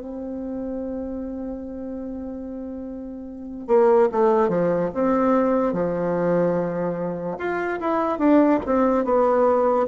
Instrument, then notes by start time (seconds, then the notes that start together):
bassoon
0.00 C4
3.68 A#3
4.12 A3
4.49 F3
4.95 C4
5.73 F3
7.39 F4
7.80 E4
8.19 D4
8.66 C4
9.05 B3